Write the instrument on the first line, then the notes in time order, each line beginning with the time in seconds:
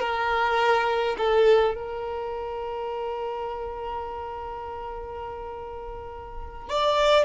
violin
0.00 A#4
1.18 A4
1.75 A#4
6.70 D5